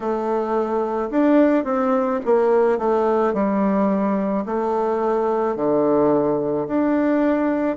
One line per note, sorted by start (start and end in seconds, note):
0.00 1.10 A3
1.10 1.64 D4
1.64 2.19 C4
2.25 2.78 A#3
2.78 3.33 A3
3.33 4.44 G3
4.45 5.56 A3
5.56 6.67 D3
6.67 7.76 D4